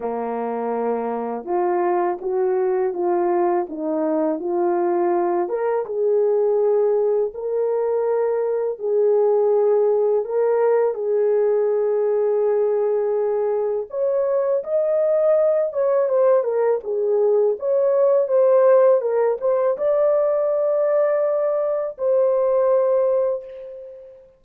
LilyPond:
\new Staff \with { instrumentName = "horn" } { \time 4/4 \tempo 4 = 82 ais2 f'4 fis'4 | f'4 dis'4 f'4. ais'8 | gis'2 ais'2 | gis'2 ais'4 gis'4~ |
gis'2. cis''4 | dis''4. cis''8 c''8 ais'8 gis'4 | cis''4 c''4 ais'8 c''8 d''4~ | d''2 c''2 | }